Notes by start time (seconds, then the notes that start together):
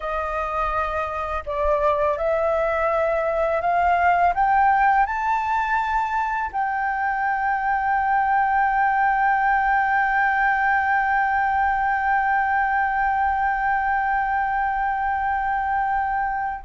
0.00 D#5
1.46 D5
2.17 E5
3.61 F5
4.34 G5
5.05 A5
6.52 G5